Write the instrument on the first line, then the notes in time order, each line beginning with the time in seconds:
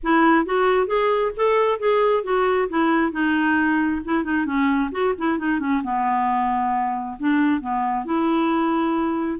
clarinet
0.03 E4
0.45 F#4
0.86 G#4
1.36 A4
1.79 G#4
2.23 F#4
2.69 E4
3.11 D#4
4.04 E4
4.24 D#4
4.45 C#4
4.91 F#4
5.18 E4
5.38 D#4
5.59 C#4
5.83 B3
7.19 D4
7.60 B3
8.05 E4